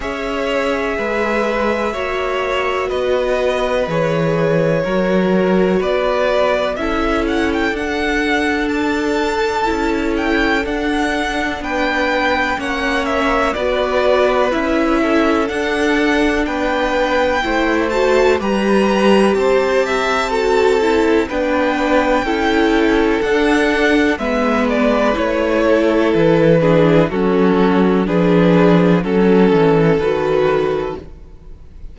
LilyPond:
<<
  \new Staff \with { instrumentName = "violin" } { \time 4/4 \tempo 4 = 62 e''2. dis''4 | cis''2 d''4 e''8 fis''16 g''16 | fis''4 a''4. g''8 fis''4 | g''4 fis''8 e''8 d''4 e''4 |
fis''4 g''4. a''8 ais''4 | a''2 g''2 | fis''4 e''8 d''8 cis''4 b'4 | a'4 b'4 a'4 b'4 | }
  \new Staff \with { instrumentName = "violin" } { \time 4/4 cis''4 b'4 cis''4 b'4~ | b'4 ais'4 b'4 a'4~ | a'1 | b'4 cis''4 b'4. a'8~ |
a'4 b'4 c''4 b'4 | c''8 e''8 a'4 b'4 a'4~ | a'4 b'4. a'4 gis'8 | fis'4 gis'4 a'2 | }
  \new Staff \with { instrumentName = "viola" } { \time 4/4 gis'2 fis'2 | gis'4 fis'2 e'4 | d'2 e'4 d'4~ | d'4 cis'4 fis'4 e'4 |
d'2 e'8 fis'8 g'4~ | g'4 fis'8 e'8 d'4 e'4 | d'4 b4 e'4. d'8 | cis'4 d'4 cis'4 fis'4 | }
  \new Staff \with { instrumentName = "cello" } { \time 4/4 cis'4 gis4 ais4 b4 | e4 fis4 b4 cis'4 | d'2 cis'4 d'4 | b4 ais4 b4 cis'4 |
d'4 b4 a4 g4 | c'2 b4 cis'4 | d'4 gis4 a4 e4 | fis4 f4 fis8 e8 dis4 | }
>>